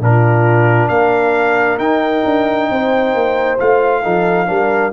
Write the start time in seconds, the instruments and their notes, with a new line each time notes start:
0.00 tuba A#2, trombone D4, horn F4, trumpet A#4
0.89 tuba A#3, horn A#4, trumpet F5
1.79 tuba D#4, trombone D#4, trumpet G5
2.25 tuba D4
2.70 tuba C4, horn C5
3.14 tuba A#3
3.60 tuba A3, trombone F4, trumpet F5
4.02 tuba F3, trombone D#4, horn A4
4.47 tuba G3, trombone D4, horn A#4